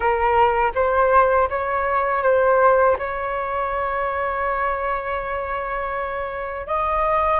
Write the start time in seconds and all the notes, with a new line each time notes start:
0.00 A#4
0.74 C5
1.49 C#5
2.22 C5
2.98 C#5
6.66 D#5